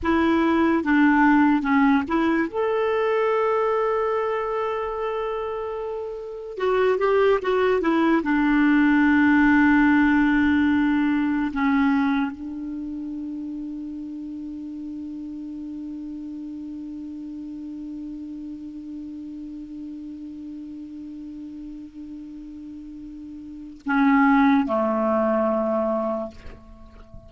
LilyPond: \new Staff \with { instrumentName = "clarinet" } { \time 4/4 \tempo 4 = 73 e'4 d'4 cis'8 e'8 a'4~ | a'1 | fis'8 g'8 fis'8 e'8 d'2~ | d'2 cis'4 d'4~ |
d'1~ | d'1~ | d'1~ | d'4 cis'4 a2 | }